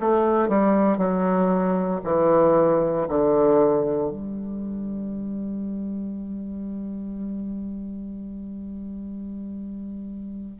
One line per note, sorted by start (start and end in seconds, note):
0.00 0.48 A3
0.48 0.97 G3
0.97 2.01 F#3
2.04 3.07 E3
3.08 4.11 D3
4.11 10.57 G3